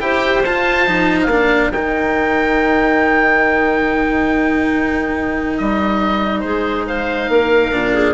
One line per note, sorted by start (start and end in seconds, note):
0.00 0.43 E4
0.00 0.44 G4
0.00 1.30 C5
0.00 0.43 G5
0.45 0.87 F4
0.45 1.20 A5
0.87 1.27 F3
0.87 1.29 D#4
1.22 1.69 A#3
1.22 1.72 F5
1.30 1.72 D4
1.30 6.44 A#4
1.71 5.57 D#3
1.71 7.72 D#4
1.71 5.58 G5
5.58 6.44 G3
5.58 6.40 D#5
6.40 7.28 G#3
6.40 6.87 G#4
6.40 6.83 C5
6.87 7.30 C5
6.87 8.14 F5
7.28 7.71 A#3
7.28 7.94 A#4
7.72 8.14 A#2
7.72 8.14 D4
7.94 8.14 G#4